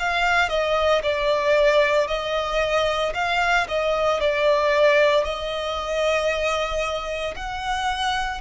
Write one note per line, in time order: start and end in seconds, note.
0.00 0.49 F5
0.49 1.02 D#5
1.03 2.08 D5
2.08 3.13 D#5
3.15 3.67 F5
3.68 4.21 D#5
4.21 5.24 D5
5.24 7.35 D#5
7.36 8.42 F#5